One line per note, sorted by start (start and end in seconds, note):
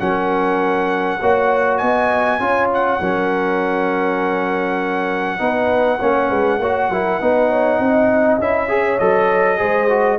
0.00 1.21 F#3
0.00 1.20 C#4
0.00 1.21 A#4
0.00 1.78 F#5
1.21 1.82 A#3
1.21 2.40 F#4
1.21 1.80 C#5
1.78 2.40 B3
1.78 2.40 D#5
1.78 2.68 G#5
2.40 3.00 C#4
2.40 3.00 F4
2.40 3.01 C#5
2.74 8.42 F#5
3.00 5.40 F#3
3.00 5.39 C#4
3.00 5.40 A#4
5.39 6.00 B3
5.39 5.99 D#4
5.39 5.99 B4
5.99 6.31 A#3
5.99 6.61 C#4
5.99 6.29 C#5
6.29 6.60 G#3
6.29 6.59 B4
6.60 6.90 A#3
6.60 6.92 F#4
6.60 6.91 C#5
6.90 7.20 F#3
6.90 7.21 E4
6.90 7.20 A#4
7.20 7.79 B3
7.20 8.41 D#4
7.20 7.49 B4
7.49 7.78 C#5
7.78 8.39 C4
7.78 8.68 D#5
8.40 9.00 C#4
8.40 8.69 E4
8.40 8.99 E5
8.69 8.99 G#4
8.69 9.59 C#5
8.99 9.61 F#3
8.99 9.58 A4
8.99 10.19 D#5
9.58 10.19 G#3
9.58 9.88 G#4
9.58 10.19 C5
9.89 10.19 F#4